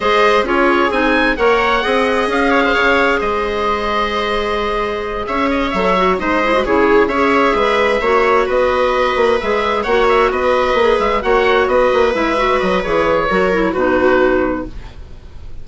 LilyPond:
<<
  \new Staff \with { instrumentName = "oboe" } { \time 4/4 \tempo 4 = 131 dis''4 cis''4 gis''4 fis''4~ | fis''4 f''2 dis''4~ | dis''2.~ dis''8 e''8 | dis''8 e''4 dis''4 cis''4 e''8~ |
e''2~ e''8 dis''4.~ | dis''8 e''4 fis''8 e''8 dis''4. | e''8 fis''4 dis''4 e''4 dis''8 | cis''2 b'2 | }
  \new Staff \with { instrumentName = "viola" } { \time 4/4 c''4 gis'2 cis''4 | dis''4. cis''16 c''16 cis''4 c''4~ | c''2.~ c''8 cis''8~ | cis''4. c''4 gis'4 cis''8~ |
cis''8 b'4 cis''4 b'4.~ | b'4. cis''4 b'4.~ | b'8 cis''4 b'2~ b'8~ | b'4 ais'4 fis'2 | }
  \new Staff \with { instrumentName = "clarinet" } { \time 4/4 gis'4 f'4 dis'4 ais'4 | gis'1~ | gis'1~ | gis'8 a'8 fis'8 dis'8 e'16 fis'16 e'4 gis'8~ |
gis'4. fis'2~ fis'8~ | fis'8 gis'4 fis'2 gis'8~ | gis'8 fis'2 e'8 fis'4 | gis'4 fis'8 e'8 dis'2 | }
  \new Staff \with { instrumentName = "bassoon" } { \time 4/4 gis4 cis'4 c'4 ais4 | c'4 cis'4 cis4 gis4~ | gis2.~ gis8 cis'8~ | cis'8 fis4 gis4 cis4 cis'8~ |
cis'8 gis4 ais4 b4. | ais8 gis4 ais4 b4 ais8 | gis8 ais4 b8 ais8 gis4 fis8 | e4 fis4 b,2 | }
>>